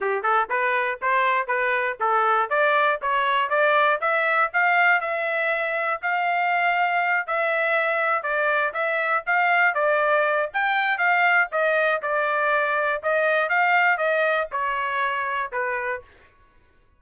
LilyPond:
\new Staff \with { instrumentName = "trumpet" } { \time 4/4 \tempo 4 = 120 g'8 a'8 b'4 c''4 b'4 | a'4 d''4 cis''4 d''4 | e''4 f''4 e''2 | f''2~ f''8 e''4.~ |
e''8 d''4 e''4 f''4 d''8~ | d''4 g''4 f''4 dis''4 | d''2 dis''4 f''4 | dis''4 cis''2 b'4 | }